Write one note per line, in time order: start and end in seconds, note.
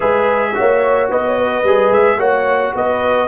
0.00 0.56 G#3
0.00 0.54 G#4
0.00 0.52 B4
0.00 1.10 E5
0.54 1.09 A#3
0.54 1.64 F#4
0.54 1.10 C#5
1.09 1.63 B3
1.09 1.24 B4
1.09 1.92 D#5
1.25 1.37 C#5
1.37 2.18 B4
1.63 1.90 G3
1.63 2.18 G#4
1.90 2.17 G#3
1.90 2.20 E5
2.17 2.72 A#3
2.17 3.28 F#4
2.17 2.73 C#5
2.17 2.75 F#5
2.74 3.28 B3
2.74 3.28 B4
2.74 3.28 D#5